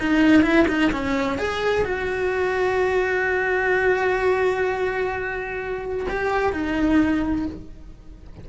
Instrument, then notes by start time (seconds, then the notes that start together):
cello
0.00 D#4
0.42 E4
0.68 D#4
0.92 C#4
1.38 G#4
1.85 F#4
6.09 G4
6.53 D#4